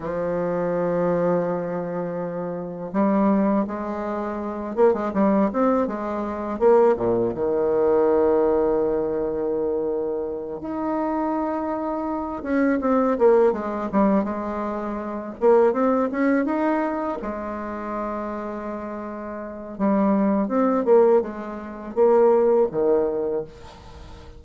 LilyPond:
\new Staff \with { instrumentName = "bassoon" } { \time 4/4 \tempo 4 = 82 f1 | g4 gis4. ais16 gis16 g8 c'8 | gis4 ais8 ais,8 dis2~ | dis2~ dis8 dis'4.~ |
dis'4 cis'8 c'8 ais8 gis8 g8 gis8~ | gis4 ais8 c'8 cis'8 dis'4 gis8~ | gis2. g4 | c'8 ais8 gis4 ais4 dis4 | }